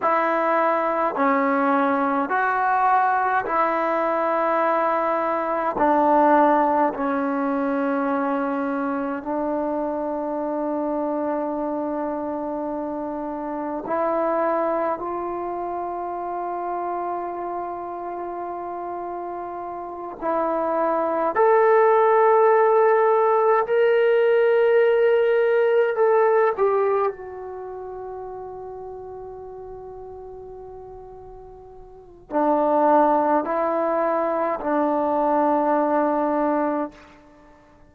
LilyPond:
\new Staff \with { instrumentName = "trombone" } { \time 4/4 \tempo 4 = 52 e'4 cis'4 fis'4 e'4~ | e'4 d'4 cis'2 | d'1 | e'4 f'2.~ |
f'4. e'4 a'4.~ | a'8 ais'2 a'8 g'8 fis'8~ | fis'1 | d'4 e'4 d'2 | }